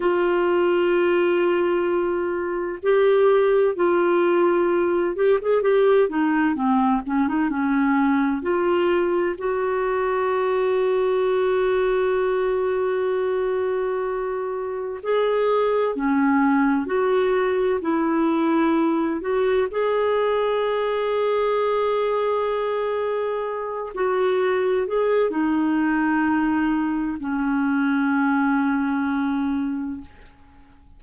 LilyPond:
\new Staff \with { instrumentName = "clarinet" } { \time 4/4 \tempo 4 = 64 f'2. g'4 | f'4. g'16 gis'16 g'8 dis'8 c'8 cis'16 dis'16 | cis'4 f'4 fis'2~ | fis'1 |
gis'4 cis'4 fis'4 e'4~ | e'8 fis'8 gis'2.~ | gis'4. fis'4 gis'8 dis'4~ | dis'4 cis'2. | }